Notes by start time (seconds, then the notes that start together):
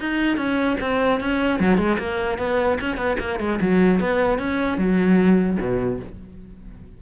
0.00 D#4
0.37 C#4
0.81 C4
1.20 C#4
1.60 F#3
1.77 G#3
1.99 A#3
2.38 B3
2.81 C#4
2.97 B3
3.20 A#3
3.40 G#3
3.61 F#3
4.00 B3
4.39 C#4
4.78 F#3
5.60 B2